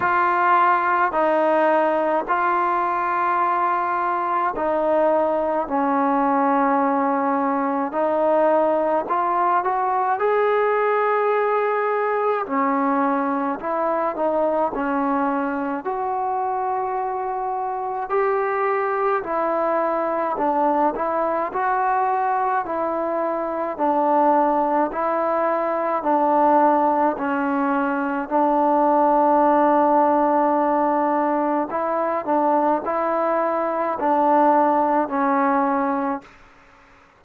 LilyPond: \new Staff \with { instrumentName = "trombone" } { \time 4/4 \tempo 4 = 53 f'4 dis'4 f'2 | dis'4 cis'2 dis'4 | f'8 fis'8 gis'2 cis'4 | e'8 dis'8 cis'4 fis'2 |
g'4 e'4 d'8 e'8 fis'4 | e'4 d'4 e'4 d'4 | cis'4 d'2. | e'8 d'8 e'4 d'4 cis'4 | }